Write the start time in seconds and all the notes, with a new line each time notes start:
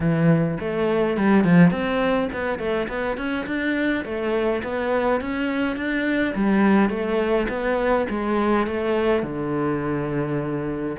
0.00 E3
0.60 A3
1.17 G3
1.43 F3
1.70 C4
2.32 B3
2.59 A3
2.88 B3
3.17 C#4
3.46 D4
4.04 A3
4.63 B3
5.20 C#4
5.76 D4
6.35 G3
6.89 A3
7.48 B3
8.09 G#3
8.66 A3
9.23 D3